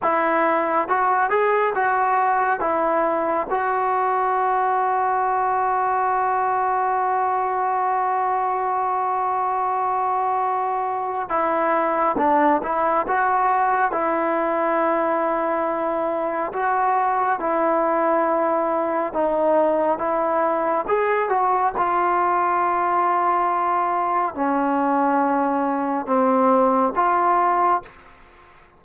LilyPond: \new Staff \with { instrumentName = "trombone" } { \time 4/4 \tempo 4 = 69 e'4 fis'8 gis'8 fis'4 e'4 | fis'1~ | fis'1~ | fis'4 e'4 d'8 e'8 fis'4 |
e'2. fis'4 | e'2 dis'4 e'4 | gis'8 fis'8 f'2. | cis'2 c'4 f'4 | }